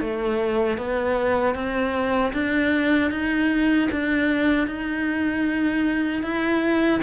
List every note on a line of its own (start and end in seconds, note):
0.00 0.78 A3
0.78 1.54 B3
1.54 2.32 C4
2.33 3.11 D4
3.11 3.89 D#4
3.91 4.67 D4
4.67 6.23 D#4
6.23 7.01 E4